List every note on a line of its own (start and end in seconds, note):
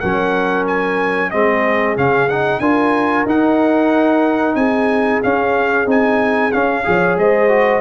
0.00 1.33 F#3
0.00 1.32 C#4
0.00 1.31 A#4
0.00 0.65 F#5
0.67 1.31 G#5
1.31 1.97 G#3
1.31 1.96 C4
1.31 2.61 G#4
1.31 1.96 D#5
1.96 2.60 C#3
1.96 2.29 C#4
1.96 2.29 F5
2.29 2.62 D#4
2.29 2.60 F#5
2.60 3.25 D4
2.60 3.27 F4
2.60 4.57 A#4
2.60 3.25 G#5
3.25 4.56 D#4
3.25 5.24 D#4
3.25 4.56 F#5
4.56 5.21 C4
4.56 6.86 G#4
4.56 5.21 G#5
5.23 5.86 C#4
5.23 5.88 F5
5.86 6.51 C4
5.86 6.51 D#4
5.86 6.52 G#5
6.52 6.86 C#4
6.52 6.84 C#4
6.52 7.17 F5
6.84 7.17 F3
6.84 7.49 G#4
6.84 7.19 C#5
7.17 7.81 G#3
7.17 7.81 C5
7.17 7.81 D#5
7.49 7.81 F#4